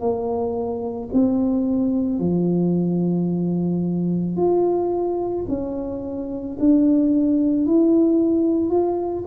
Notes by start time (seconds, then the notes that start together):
0.00 A#3
1.13 C4
2.19 F3
4.36 F4
5.48 C#4
6.60 D4
7.67 E4
8.70 F4